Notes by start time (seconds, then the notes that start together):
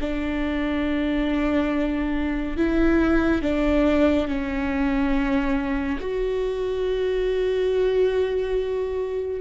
0.00 D4
2.56 E4
3.42 D4
4.27 C#4
6.00 F#4